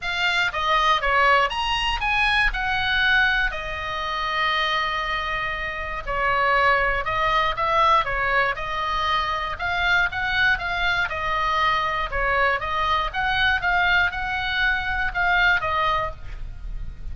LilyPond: \new Staff \with { instrumentName = "oboe" } { \time 4/4 \tempo 4 = 119 f''4 dis''4 cis''4 ais''4 | gis''4 fis''2 dis''4~ | dis''1 | cis''2 dis''4 e''4 |
cis''4 dis''2 f''4 | fis''4 f''4 dis''2 | cis''4 dis''4 fis''4 f''4 | fis''2 f''4 dis''4 | }